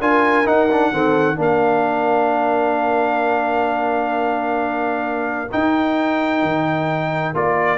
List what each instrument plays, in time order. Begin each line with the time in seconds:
0.00 tuba D4, trombone F4, horn A#4, trumpet G#5
0.45 trombone D#4, tuba D#4, trumpet F#5
0.71 trombone D4
0.91 tuba D#3, trombone C4, horn A4
1.35 tuba A#3, trombone D4, horn A#4, trumpet F5
5.51 trombone D#4, tuba D#4, trumpet G5
6.42 tuba D#3
7.34 tuba A#3, trombone F4, trumpet D5